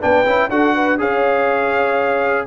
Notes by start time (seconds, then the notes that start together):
0.00 B3 D4 B4 G5
0.25 C#4 E4
0.50 D4 F#4 A4 F#5
0.75 B4
0.99 C#4 G#4 C#5 F5